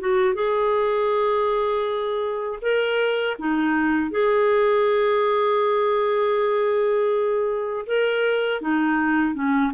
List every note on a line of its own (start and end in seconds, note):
0.00 0.34 F#4
0.34 2.59 G#4
2.62 3.37 A#4
3.39 4.11 D#4
4.11 7.86 G#4
7.86 8.61 A#4
8.61 9.34 D#4
9.34 9.72 C#4